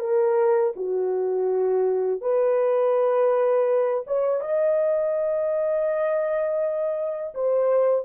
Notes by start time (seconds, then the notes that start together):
0.00 A#4
0.76 F#4
2.22 B4
4.07 C#5
4.41 D#5
7.35 C5